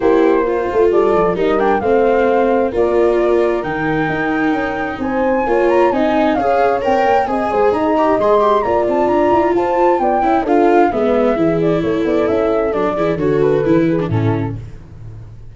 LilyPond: <<
  \new Staff \with { instrumentName = "flute" } { \time 4/4 \tempo 4 = 132 c''2 d''4 dis''8 g''8 | f''2 d''2 | g''2. gis''4~ | gis''8 ais''8 gis''4 f''4 g''4 |
gis''4 ais''4 c'''4 ais''8 a''8 | ais''4 a''4 g''4 f''4 | e''4. d''8 cis''8 d''8 e''4 | d''4 cis''8 b'4. a'4 | }
  \new Staff \with { instrumentName = "horn" } { \time 4/4 g'4 f'4 a'4 ais'4 | c''2 ais'2~ | ais'2. c''4 | cis''4 dis''4 cis''2 |
dis''8 c''8 dis''2 d''4~ | d''4 c''4 d''8 e''8 a'4 | b'4 gis'4 a'2~ | a'8 gis'8 a'4. gis'8 e'4 | }
  \new Staff \with { instrumentName = "viola" } { \time 4/4 e'4 f'2 dis'8 d'8 | c'2 f'2 | dis'1 | f'4 dis'4 gis'4 ais'4 |
gis'4. g'8 gis'8 g'8 f'4~ | f'2~ f'8 e'8 f'4 | b4 e'2. | d'8 e'8 fis'4 e'8. d'16 cis'4 | }
  \new Staff \with { instrumentName = "tuba" } { \time 4/4 ais4. a8 g8 f8 g4 | a2 ais2 | dis4 dis'4 cis'4 c'4 | ais4 c'4 cis'4 c'8 ais8 |
c'8 gis8 dis'4 gis4 ais8 c'8 | d'8 e'8 f'4 b8 cis'8 d'4 | gis4 e4 a8 b8 cis'4 | fis8 e8 d4 e4 a,4 | }
>>